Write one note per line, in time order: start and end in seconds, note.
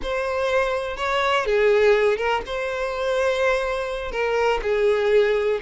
0.02 0.96 C5
0.96 1.45 C#5
1.45 2.17 G#4
2.17 2.41 A#4
2.45 4.11 C5
4.11 4.60 A#4
4.62 5.60 G#4